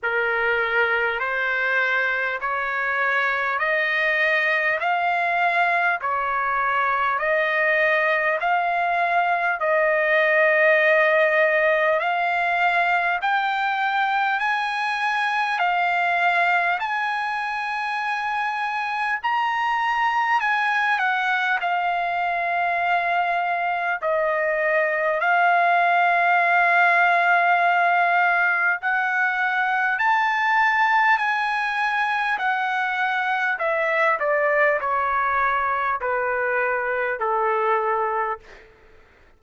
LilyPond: \new Staff \with { instrumentName = "trumpet" } { \time 4/4 \tempo 4 = 50 ais'4 c''4 cis''4 dis''4 | f''4 cis''4 dis''4 f''4 | dis''2 f''4 g''4 | gis''4 f''4 gis''2 |
ais''4 gis''8 fis''8 f''2 | dis''4 f''2. | fis''4 a''4 gis''4 fis''4 | e''8 d''8 cis''4 b'4 a'4 | }